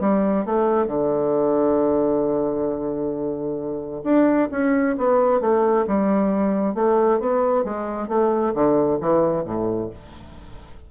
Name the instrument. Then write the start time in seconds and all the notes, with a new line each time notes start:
bassoon
0.00 G3
0.45 A3
0.86 D3
4.04 D4
4.51 C#4
4.97 B3
5.40 A3
5.87 G3
6.75 A3
7.20 B3
7.64 G#3
8.08 A3
8.54 D3
9.01 E3
9.44 A2